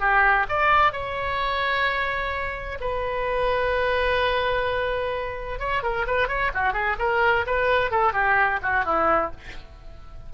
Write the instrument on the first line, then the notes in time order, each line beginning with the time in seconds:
oboe
0.00 G4
0.49 D5
0.92 C#5
2.81 B4
5.59 C#5
5.83 A#4
6.07 B4
6.28 C#5
6.54 F#4
6.73 G#4
6.99 A#4
7.47 B4
7.91 A4
8.13 G4
8.62 F#4
8.85 E4